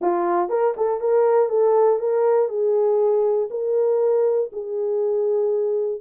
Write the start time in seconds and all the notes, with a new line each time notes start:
0.01 F4
0.49 A#4
0.76 A4
1.00 A#4
1.49 A4
1.99 A#4
2.48 G#4
3.50 A#4
4.52 G#4